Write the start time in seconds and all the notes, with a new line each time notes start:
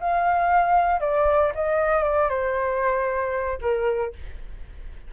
0.00 F5
1.00 D5
1.55 D#5
2.03 D5
2.29 C5
3.61 A#4